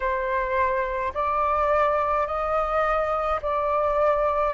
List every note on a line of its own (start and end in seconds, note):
0.00 1.12 C5
1.13 2.26 D5
2.26 3.40 D#5
3.42 4.53 D5